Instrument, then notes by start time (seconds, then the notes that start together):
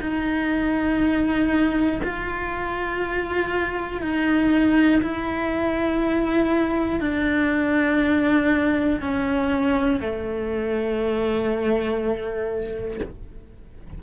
cello
0.00 D#4
2.03 F4
4.01 D#4
5.02 E4
7.00 D4
9.00 C#4
10.00 A3